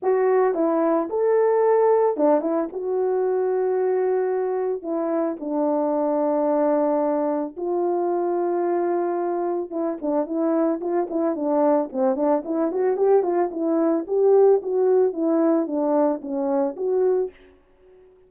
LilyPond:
\new Staff \with { instrumentName = "horn" } { \time 4/4 \tempo 4 = 111 fis'4 e'4 a'2 | d'8 e'8 fis'2.~ | fis'4 e'4 d'2~ | d'2 f'2~ |
f'2 e'8 d'8 e'4 | f'8 e'8 d'4 c'8 d'8 e'8 fis'8 | g'8 f'8 e'4 g'4 fis'4 | e'4 d'4 cis'4 fis'4 | }